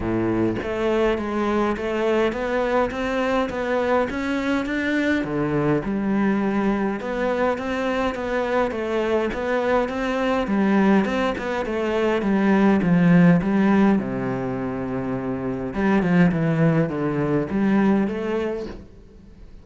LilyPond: \new Staff \with { instrumentName = "cello" } { \time 4/4 \tempo 4 = 103 a,4 a4 gis4 a4 | b4 c'4 b4 cis'4 | d'4 d4 g2 | b4 c'4 b4 a4 |
b4 c'4 g4 c'8 b8 | a4 g4 f4 g4 | c2. g8 f8 | e4 d4 g4 a4 | }